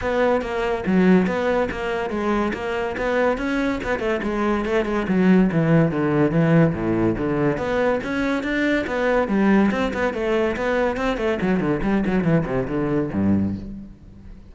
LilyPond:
\new Staff \with { instrumentName = "cello" } { \time 4/4 \tempo 4 = 142 b4 ais4 fis4 b4 | ais4 gis4 ais4 b4 | cis'4 b8 a8 gis4 a8 gis8 | fis4 e4 d4 e4 |
a,4 d4 b4 cis'4 | d'4 b4 g4 c'8 b8 | a4 b4 c'8 a8 fis8 d8 | g8 fis8 e8 c8 d4 g,4 | }